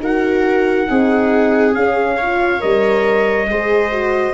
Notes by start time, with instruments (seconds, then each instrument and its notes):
0.00 tuba D#4, horn F#4, viola A#4, trumpet F#5
0.88 tuba C4, horn D#4, viola G#4
1.75 tuba C#4, horn C#4, trumpet F5
2.18 horn F4, viola C#5
2.60 tuba G3, horn A#4, trumpet D#5
3.50 tuba G#3, horn G#4, viola C5
3.92 horn F#4